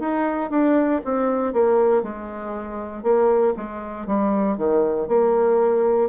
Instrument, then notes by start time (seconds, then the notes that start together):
bassoon
0.00 D#4
0.51 D4
1.05 C4
1.53 A#3
2.03 G#3
3.03 A#3
3.57 G#3
4.07 G3
4.58 D#3
5.08 A#3